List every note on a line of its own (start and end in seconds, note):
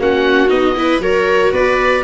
0.00 0.50 A#3
0.00 0.49 C#4
0.00 0.77 F#4
0.00 0.50 F#5
0.49 0.99 B3
0.49 0.74 D#4
0.49 1.01 D#5
0.78 1.02 E4
0.78 1.03 B4
0.99 1.51 F#3
0.99 2.04 F#4
0.99 1.54 A#4
0.99 1.54 C#5
1.53 2.04 B3
1.53 2.04 B4
1.53 2.04 D5